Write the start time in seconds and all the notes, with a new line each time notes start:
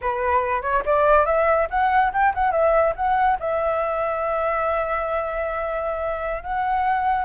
0.01 B4
0.61 C#5
0.85 D5
1.25 E5
1.70 F#5
2.12 G5
2.34 F#5
2.51 E5
2.96 F#5
3.39 E5
6.43 F#5